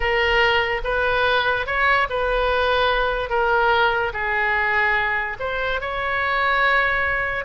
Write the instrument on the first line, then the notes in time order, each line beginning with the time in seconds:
oboe
0.00 A#4
0.84 B4
1.66 C#5
2.09 B4
3.29 A#4
4.13 G#4
5.39 C5
5.80 C#5